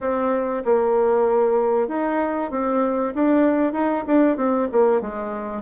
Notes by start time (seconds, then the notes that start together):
0.01 C4
0.64 A#3
1.88 D#4
2.51 C4
3.14 D4
3.72 D#4
4.07 D4
4.36 C4
4.72 A#3
5.01 G#3